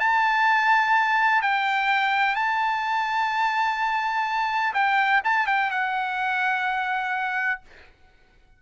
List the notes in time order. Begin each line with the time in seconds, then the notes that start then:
0.00 A5
1.42 G5
2.36 A5
4.74 G5
5.25 A5
5.47 G5
5.71 F#5